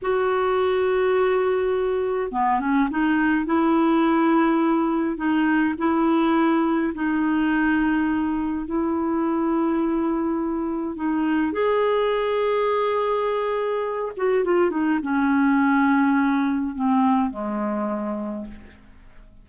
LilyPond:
\new Staff \with { instrumentName = "clarinet" } { \time 4/4 \tempo 4 = 104 fis'1 | b8 cis'8 dis'4 e'2~ | e'4 dis'4 e'2 | dis'2. e'4~ |
e'2. dis'4 | gis'1~ | gis'8 fis'8 f'8 dis'8 cis'2~ | cis'4 c'4 gis2 | }